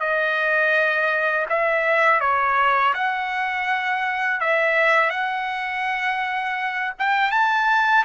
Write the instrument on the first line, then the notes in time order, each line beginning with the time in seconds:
trumpet
0.00 D#5
1.49 E5
2.21 C#5
2.94 F#5
4.40 E5
5.10 F#5
6.99 G5
7.31 A5